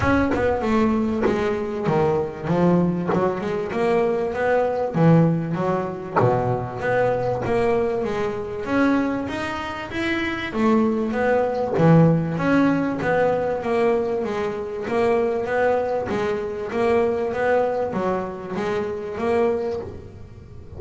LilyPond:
\new Staff \with { instrumentName = "double bass" } { \time 4/4 \tempo 4 = 97 cis'8 b8 a4 gis4 dis4 | f4 fis8 gis8 ais4 b4 | e4 fis4 b,4 b4 | ais4 gis4 cis'4 dis'4 |
e'4 a4 b4 e4 | cis'4 b4 ais4 gis4 | ais4 b4 gis4 ais4 | b4 fis4 gis4 ais4 | }